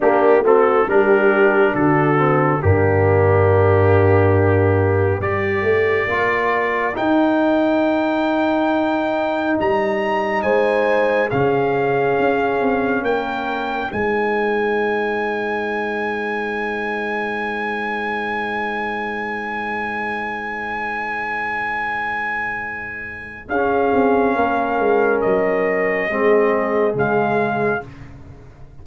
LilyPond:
<<
  \new Staff \with { instrumentName = "trumpet" } { \time 4/4 \tempo 4 = 69 g'8 a'8 ais'4 a'4 g'4~ | g'2 d''2 | g''2. ais''4 | gis''4 f''2 g''4 |
gis''1~ | gis''1~ | gis''2. f''4~ | f''4 dis''2 f''4 | }
  \new Staff \with { instrumentName = "horn" } { \time 4/4 d'8 fis'8 g'4 fis'4 d'4~ | d'2 ais'2~ | ais'1 | c''4 gis'2 ais'4 |
c''1~ | c''1~ | c''2. gis'4 | ais'2 gis'2 | }
  \new Staff \with { instrumentName = "trombone" } { \time 4/4 ais8 c'8 d'4. c'8 ais4~ | ais2 g'4 f'4 | dis'1~ | dis'4 cis'2. |
dis'1~ | dis'1~ | dis'2. cis'4~ | cis'2 c'4 gis4 | }
  \new Staff \with { instrumentName = "tuba" } { \time 4/4 ais8 a8 g4 d4 g,4~ | g,2 g8 a8 ais4 | dis'2. g4 | gis4 cis4 cis'8 c'8 ais4 |
gis1~ | gis1~ | gis2. cis'8 c'8 | ais8 gis8 fis4 gis4 cis4 | }
>>